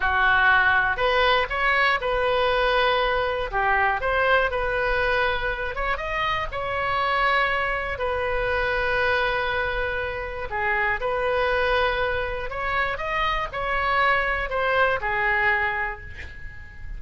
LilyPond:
\new Staff \with { instrumentName = "oboe" } { \time 4/4 \tempo 4 = 120 fis'2 b'4 cis''4 | b'2. g'4 | c''4 b'2~ b'8 cis''8 | dis''4 cis''2. |
b'1~ | b'4 gis'4 b'2~ | b'4 cis''4 dis''4 cis''4~ | cis''4 c''4 gis'2 | }